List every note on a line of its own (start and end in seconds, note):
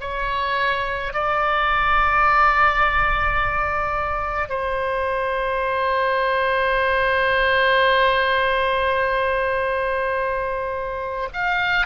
0.00 1.13 C#5
1.13 4.49 D5
4.49 11.28 C5
11.33 11.86 F5